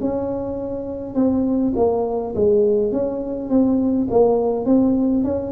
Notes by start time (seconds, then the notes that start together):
0.00 C#4
1.14 C4
1.76 A#3
2.35 G#3
2.92 C#4
3.49 C4
4.10 A#3
4.65 C4
5.23 C#4